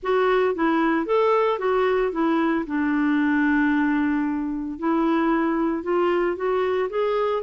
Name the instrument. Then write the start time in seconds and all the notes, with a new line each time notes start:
clarinet
0.02 F#4
0.54 E4
1.06 A4
1.59 F#4
2.12 E4
2.66 D4
4.78 E4
5.83 F4
6.36 F#4
6.89 G#4